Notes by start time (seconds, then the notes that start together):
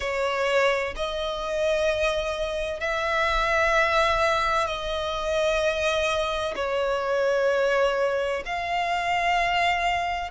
0.00 C#5
0.95 D#5
2.80 E5
4.66 D#5
6.55 C#5
8.45 F5